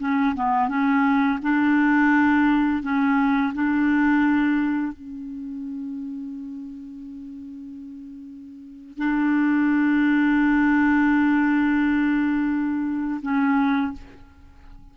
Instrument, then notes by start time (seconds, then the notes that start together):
clarinet
0.00 C#4
0.36 B3
0.69 C#4
1.42 D4
2.83 C#4
3.55 D4
4.93 C#4
8.98 D4
13.22 C#4